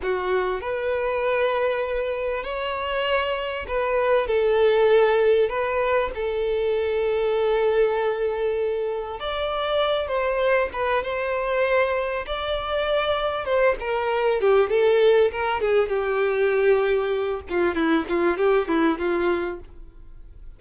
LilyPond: \new Staff \with { instrumentName = "violin" } { \time 4/4 \tempo 4 = 98 fis'4 b'2. | cis''2 b'4 a'4~ | a'4 b'4 a'2~ | a'2. d''4~ |
d''8 c''4 b'8 c''2 | d''2 c''8 ais'4 g'8 | a'4 ais'8 gis'8 g'2~ | g'8 f'8 e'8 f'8 g'8 e'8 f'4 | }